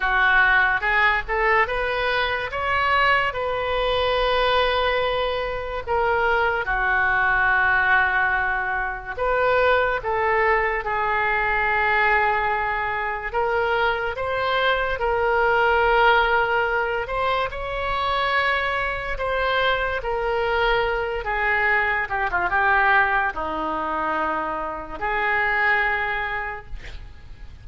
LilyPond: \new Staff \with { instrumentName = "oboe" } { \time 4/4 \tempo 4 = 72 fis'4 gis'8 a'8 b'4 cis''4 | b'2. ais'4 | fis'2. b'4 | a'4 gis'2. |
ais'4 c''4 ais'2~ | ais'8 c''8 cis''2 c''4 | ais'4. gis'4 g'16 f'16 g'4 | dis'2 gis'2 | }